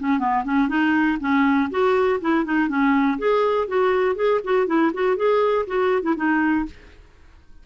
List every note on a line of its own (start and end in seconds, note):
0.00 0.20 C#4
0.20 0.44 B3
0.45 0.69 C#4
0.69 1.18 D#4
1.21 1.70 C#4
1.71 2.20 F#4
2.21 2.45 E4
2.45 2.69 D#4
2.69 3.18 C#4
3.19 3.68 G#4
3.68 4.16 F#4
4.16 4.41 G#4
4.44 4.67 F#4
4.67 4.92 E4
4.94 5.17 F#4
5.17 5.66 G#4
5.67 6.03 F#4
6.03 6.15 E4
6.17 6.66 D#4